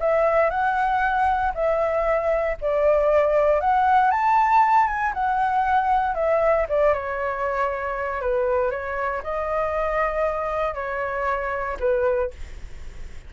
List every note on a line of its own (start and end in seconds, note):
0.00 0.50 E5
0.50 1.52 F#5
1.54 2.57 E5
2.61 3.61 D5
3.61 4.11 F#5
4.11 4.87 A5
4.87 5.13 G#5
5.14 6.15 F#5
6.15 6.66 E5
6.69 6.94 D5
6.94 8.21 C#5
8.21 8.71 B4
8.71 9.22 C#5
9.23 10.75 D#5
10.75 11.77 C#5
11.80 12.31 B4